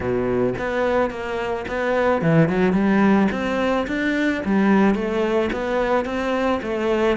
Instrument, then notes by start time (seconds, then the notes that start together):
cello
0.00 B2
0.58 B3
1.10 A#3
1.67 B3
2.21 E3
2.48 F#3
2.72 G3
3.31 C4
3.87 D4
4.45 G3
4.94 A3
5.52 B3
6.05 C4
6.62 A3